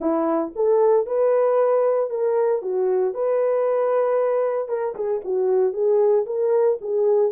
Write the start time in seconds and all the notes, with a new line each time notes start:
0.00 E4
0.55 A4
1.06 B4
2.09 A#4
2.62 F#4
3.14 B4
4.68 A#4
4.95 G#4
5.24 F#4
5.72 G#4
6.26 A#4
6.81 G#4